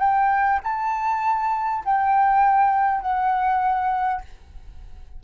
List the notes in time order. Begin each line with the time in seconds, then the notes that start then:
0.00 G5
0.64 A5
1.85 G5
3.02 F#5